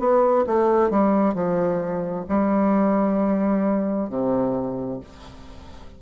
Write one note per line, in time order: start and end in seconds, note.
0.00 0.45 B3
0.47 0.90 A3
0.90 1.35 G3
1.35 2.26 F3
2.29 4.10 G3
4.10 5.01 C3